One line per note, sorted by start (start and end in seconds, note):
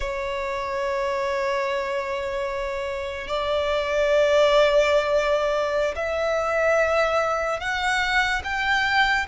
0.00 3.27 C#5
3.27 5.94 D5
5.95 7.60 E5
7.60 8.42 F#5
8.44 9.26 G5